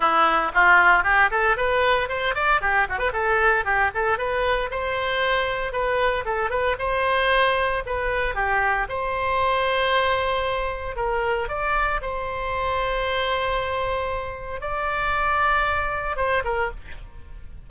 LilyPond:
\new Staff \with { instrumentName = "oboe" } { \time 4/4 \tempo 4 = 115 e'4 f'4 g'8 a'8 b'4 | c''8 d''8 g'8 fis'16 b'16 a'4 g'8 a'8 | b'4 c''2 b'4 | a'8 b'8 c''2 b'4 |
g'4 c''2.~ | c''4 ais'4 d''4 c''4~ | c''1 | d''2. c''8 ais'8 | }